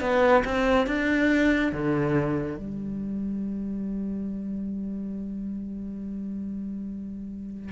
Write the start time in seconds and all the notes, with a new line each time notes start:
0.00 B3
0.44 C4
0.86 D4
1.72 D3
2.57 G3